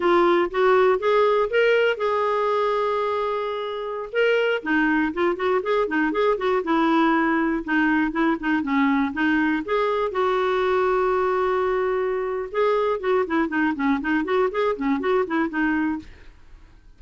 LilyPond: \new Staff \with { instrumentName = "clarinet" } { \time 4/4 \tempo 4 = 120 f'4 fis'4 gis'4 ais'4 | gis'1~ | gis'16 ais'4 dis'4 f'8 fis'8 gis'8 dis'16~ | dis'16 gis'8 fis'8 e'2 dis'8.~ |
dis'16 e'8 dis'8 cis'4 dis'4 gis'8.~ | gis'16 fis'2.~ fis'8.~ | fis'4 gis'4 fis'8 e'8 dis'8 cis'8 | dis'8 fis'8 gis'8 cis'8 fis'8 e'8 dis'4 | }